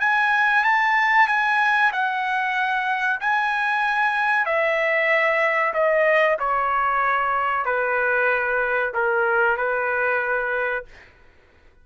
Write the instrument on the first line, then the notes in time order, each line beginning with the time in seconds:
trumpet
0.00 G#5
0.64 A5
1.28 G#5
1.92 F#5
3.20 G#5
4.46 E5
5.74 D#5
6.39 C#5
7.65 B4
8.94 A#4
9.57 B4